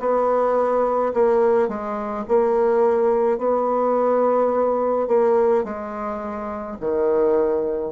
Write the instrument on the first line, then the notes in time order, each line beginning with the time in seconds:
bassoon
0.00 B3
1.14 A#3
1.69 G#3
2.28 A#3
3.38 B3
5.08 A#3
5.64 G#3
6.80 D#3